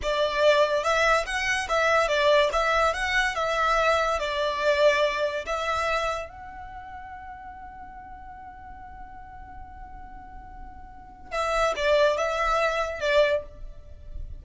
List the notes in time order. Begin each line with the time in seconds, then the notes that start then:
0.02 D5
0.83 E5
1.25 F#5
1.68 E5
2.08 D5
2.52 E5
2.93 F#5
3.35 E5
4.19 D5
5.45 E5
6.29 F#5
11.31 E5
11.76 D5
12.17 E5
13.00 D5